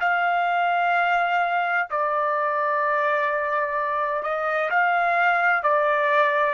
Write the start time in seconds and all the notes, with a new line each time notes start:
0.00 F5
1.90 D5
4.23 D#5
4.70 F5
5.63 D5